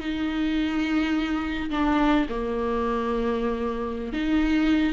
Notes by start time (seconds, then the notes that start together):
0.00 D#4
1.70 D4
2.29 A#3
4.13 D#4